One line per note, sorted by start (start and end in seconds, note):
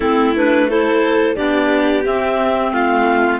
0.00 1.36 A3
0.00 0.35 C4
0.00 0.67 E4
0.00 0.34 A4
0.35 0.69 D4
0.35 0.70 B4
0.69 1.35 E4
0.69 1.36 A4
0.69 1.35 C5
1.35 2.05 B3
1.35 2.03 D4
1.35 2.72 G4
1.35 2.04 D5
2.05 2.71 C4
2.05 3.39 C4
2.05 2.72 E5
2.71 3.39 A3
2.71 3.39 F4
2.71 3.39 F5